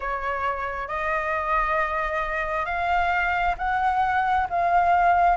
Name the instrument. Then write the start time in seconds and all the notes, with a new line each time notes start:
flute
0.00 C#5
0.88 D#5
2.65 F5
3.57 F#5
4.49 F5